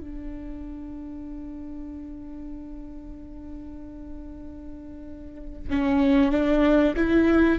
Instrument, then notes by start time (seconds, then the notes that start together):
viola
0.00 D4
5.69 C#4
6.32 D4
6.96 E4